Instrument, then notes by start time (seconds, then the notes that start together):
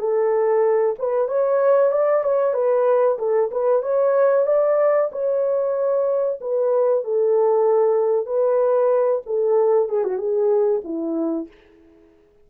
horn
0.00 A4
0.99 B4
1.28 C#5
1.92 D5
2.24 C#5
2.54 B4
3.19 A4
3.52 B4
3.83 C#5
4.47 D5
5.12 C#5
6.41 B4
7.04 A4
8.26 B4
9.26 A4
9.89 G#4
10.04 F#4
10.18 G#4
10.84 E4